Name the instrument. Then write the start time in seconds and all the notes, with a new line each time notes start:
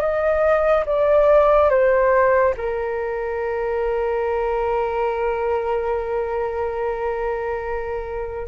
flute
0.00 D#5
0.86 D5
1.70 C5
2.57 A#4